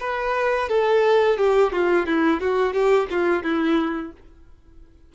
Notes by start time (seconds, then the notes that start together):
0.00 B4
0.68 A4
1.38 G4
1.72 F4
2.06 E4
2.40 F#4
2.73 G4
3.10 F4
3.43 E4